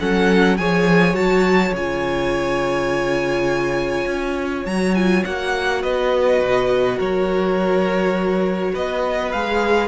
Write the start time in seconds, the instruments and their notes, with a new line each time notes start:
0.00 cello F#3, viola C#4, violin A4 F#5
0.58 cello F3, viola G#4, violin C#5 G#5
1.13 cello F#3, viola F#4, violin A5
1.74 cello C#3, viola F4, violin G#5
4.07 cello C#4
4.66 cello F#3, viola F#4, violin A#5
4.95 viola F4, violin G#5
5.24 cello A#3, viola F#4, violin F#5
5.82 cello B3, violin B4 D#5
6.41 cello B2
6.97 cello F#3, violin A#4 C#5
8.73 cello B3, violin B4 D#5
9.32 cello G#3, viola G#4, violin F5